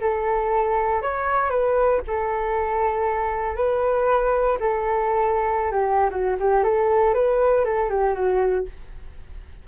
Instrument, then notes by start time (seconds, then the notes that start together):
flute
0.00 A4
1.02 C#5
1.50 B4
2.07 A4
3.56 B4
4.60 A4
5.71 G4
6.10 F#4
6.39 G4
6.63 A4
7.14 B4
7.65 A4
7.90 G4
8.14 F#4